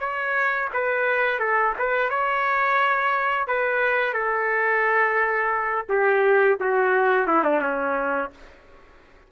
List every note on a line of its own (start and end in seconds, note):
0.00 0.69 C#5
0.73 1.39 B4
1.39 1.74 A4
1.79 2.10 B4
2.10 3.48 C#5
3.48 4.13 B4
4.13 5.86 A4
5.89 6.58 G4
6.60 7.27 F#4
7.27 7.44 E4
7.44 7.61 D4
7.61 8.30 C#4